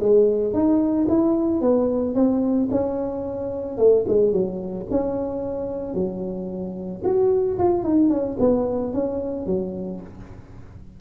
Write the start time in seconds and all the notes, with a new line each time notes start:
0.00 G#3
0.53 D#4
1.09 E4
1.61 B3
2.15 C4
2.71 C#4
3.78 A3
4.08 G#3
4.32 F#3
4.90 C#4
5.94 F#3
7.04 F#4
7.58 F4
7.83 D#4
8.10 C#4
8.40 B3
8.94 C#4
9.46 F#3